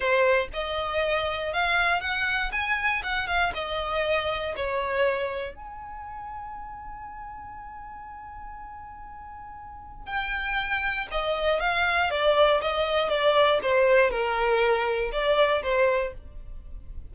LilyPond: \new Staff \with { instrumentName = "violin" } { \time 4/4 \tempo 4 = 119 c''4 dis''2 f''4 | fis''4 gis''4 fis''8 f''8 dis''4~ | dis''4 cis''2 gis''4~ | gis''1~ |
gis''1 | g''2 dis''4 f''4 | d''4 dis''4 d''4 c''4 | ais'2 d''4 c''4 | }